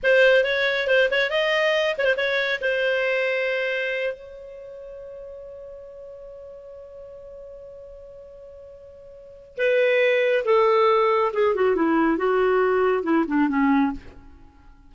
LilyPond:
\new Staff \with { instrumentName = "clarinet" } { \time 4/4 \tempo 4 = 138 c''4 cis''4 c''8 cis''8 dis''4~ | dis''8 cis''16 c''16 cis''4 c''2~ | c''4. cis''2~ cis''8~ | cis''1~ |
cis''1~ | cis''2 b'2 | a'2 gis'8 fis'8 e'4 | fis'2 e'8 d'8 cis'4 | }